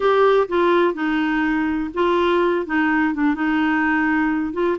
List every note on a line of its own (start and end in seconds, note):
0.00 0.47 G4
0.48 0.94 F4
0.94 1.90 D#4
1.94 2.66 F4
2.66 3.14 D#4
3.14 3.34 D4
3.34 4.53 D#4
4.53 4.77 F4